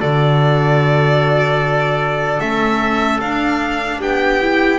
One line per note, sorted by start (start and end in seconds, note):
0.00 2.40 D3
0.00 2.41 F#4
0.00 4.00 A4
0.00 2.41 D5
2.40 3.20 A3
2.40 3.21 C#4
2.40 3.21 E5
3.21 4.00 D4
3.21 4.41 D4
3.21 4.01 F5
4.01 4.79 B3
4.01 4.79 G4
4.01 4.79 G5
4.41 4.79 E4